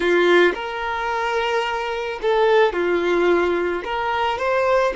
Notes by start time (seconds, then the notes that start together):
0.00 F4
0.54 A#4
2.22 A4
2.72 F4
3.84 A#4
4.38 C5